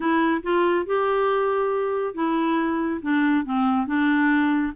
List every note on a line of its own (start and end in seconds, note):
0.00 0.41 E4
0.42 0.85 F4
0.85 2.14 G4
2.14 3.00 E4
3.02 3.45 D4
3.45 3.87 C4
3.87 4.73 D4